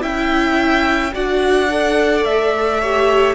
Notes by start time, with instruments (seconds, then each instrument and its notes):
0.00 cello C#4, viola E4, violin E5 G5
1.12 cello D4, viola F#4, violin D5 F#5
1.70 viola A4
2.24 cello A3, violin E5
2.81 viola G4, violin C#5